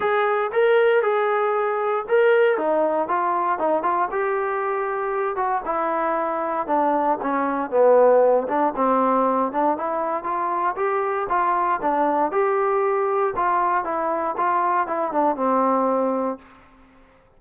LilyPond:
\new Staff \with { instrumentName = "trombone" } { \time 4/4 \tempo 4 = 117 gis'4 ais'4 gis'2 | ais'4 dis'4 f'4 dis'8 f'8 | g'2~ g'8 fis'8 e'4~ | e'4 d'4 cis'4 b4~ |
b8 d'8 c'4. d'8 e'4 | f'4 g'4 f'4 d'4 | g'2 f'4 e'4 | f'4 e'8 d'8 c'2 | }